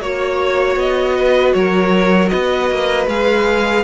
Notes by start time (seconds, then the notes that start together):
0.00 A#3 F#4 C#5
0.75 B3 D#5
1.16 B4
1.53 F#3 A#4 C#5
2.29 B3 B4 D#5
2.70 A#3
3.07 G#3 G#4 F5